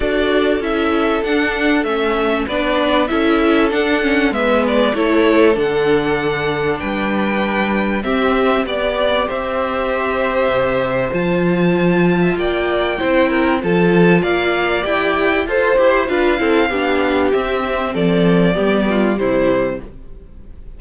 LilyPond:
<<
  \new Staff \with { instrumentName = "violin" } { \time 4/4 \tempo 4 = 97 d''4 e''4 fis''4 e''4 | d''4 e''4 fis''4 e''8 d''8 | cis''4 fis''2 g''4~ | g''4 e''4 d''4 e''4~ |
e''2 a''2 | g''2 a''4 f''4 | g''4 c''4 f''2 | e''4 d''2 c''4 | }
  \new Staff \with { instrumentName = "violin" } { \time 4/4 a'1 | b'4 a'2 b'4 | a'2. b'4~ | b'4 g'4 d''4 c''4~ |
c''2.~ c''8. e''16 | d''4 c''8 ais'8 a'4 d''4~ | d''4 c''4 b'8 a'8 g'4~ | g'4 a'4 g'8 f'8 e'4 | }
  \new Staff \with { instrumentName = "viola" } { \time 4/4 fis'4 e'4 d'4 cis'4 | d'4 e'4 d'8 cis'8 b4 | e'4 d'2.~ | d'4 c'4 g'2~ |
g'2 f'2~ | f'4 e'4 f'2 | g'4 a'8 g'8 f'8 e'8 d'4 | c'2 b4 g4 | }
  \new Staff \with { instrumentName = "cello" } { \time 4/4 d'4 cis'4 d'4 a4 | b4 cis'4 d'4 gis4 | a4 d2 g4~ | g4 c'4 b4 c'4~ |
c'4 c4 f2 | ais4 c'4 f4 ais4 | e'4 f'8 e'8 d'8 c'8 b4 | c'4 f4 g4 c4 | }
>>